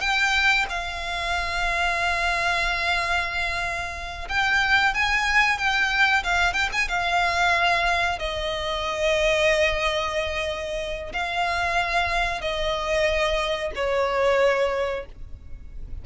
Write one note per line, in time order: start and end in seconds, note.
0.00 0.65 G5
0.69 4.28 F5
4.29 4.94 G5
4.94 5.58 G#5
5.58 6.23 G5
6.24 6.53 F5
6.53 6.69 G5
6.72 6.88 G#5
6.88 8.18 F5
8.19 11.12 D#5
11.13 12.41 F5
12.41 13.72 D#5
13.75 15.06 C#5